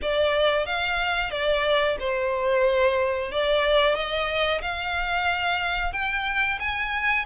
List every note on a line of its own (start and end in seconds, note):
0.02 0.66 D5
0.66 1.30 F5
1.30 1.96 D5
1.99 3.31 C5
3.31 3.95 D5
3.95 4.61 D#5
4.61 5.93 F5
5.93 6.58 G5
6.59 7.25 G#5